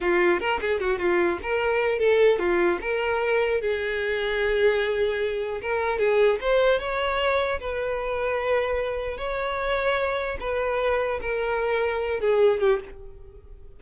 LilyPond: \new Staff \with { instrumentName = "violin" } { \time 4/4 \tempo 4 = 150 f'4 ais'8 gis'8 fis'8 f'4 ais'8~ | ais'4 a'4 f'4 ais'4~ | ais'4 gis'2.~ | gis'2 ais'4 gis'4 |
c''4 cis''2 b'4~ | b'2. cis''4~ | cis''2 b'2 | ais'2~ ais'8 gis'4 g'8 | }